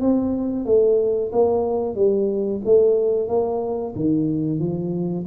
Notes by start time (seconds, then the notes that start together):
0.00 C4
0.65 A3
1.32 A#3
1.95 G3
2.65 A3
3.28 A#3
3.96 D#3
4.59 F3